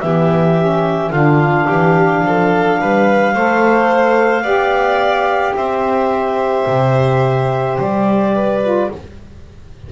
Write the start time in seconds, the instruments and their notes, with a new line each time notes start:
0.00 double bass E3, saxophone B3, violin G4, clarinet E5
0.59 saxophone C#4
1.10 double bass D3, saxophone D4, violin F4, clarinet F5
1.67 double bass E3, violin G4
2.22 double bass F3, violin A4
2.81 double bass G3, violin B4
3.34 double bass A3, saxophone A4, violin C5
4.42 double bass B3, saxophone G4, violin D5
5.54 double bass C4, violin C5, clarinet E5
6.67 double bass C3
7.78 double bass G3, clarinet D5
8.34 violin B4
8.63 saxophone F4